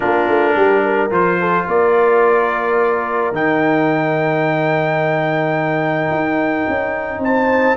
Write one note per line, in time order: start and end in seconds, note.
0.00 0.28 A#3
0.00 1.10 D4
0.00 0.54 F4
0.00 1.11 A#4
0.28 0.55 A3
0.55 1.11 G3
0.55 0.83 G4
0.85 1.39 A#4
1.10 1.66 F3
1.10 3.33 F4
1.10 1.67 C5
1.39 1.66 A4
1.66 3.31 A#3
1.66 7.22 A#4
1.66 3.34 D5
3.31 6.09 D#3
3.31 7.77 D#4
3.31 7.23 G5
6.10 6.66 D#4
6.68 7.18 C#4
7.18 7.74 C4
7.18 7.77 C5
7.18 7.77 A5